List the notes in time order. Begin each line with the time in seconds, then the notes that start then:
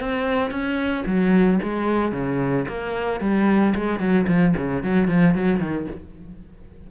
0.00 C4
0.50 C#4
1.06 F#3
1.63 G#3
2.12 C#3
2.68 A#3
3.20 G3
3.75 G#3
4.00 F#3
4.28 F3
4.57 C#3
4.83 F#3
5.08 F3
5.34 F#3
5.60 D#3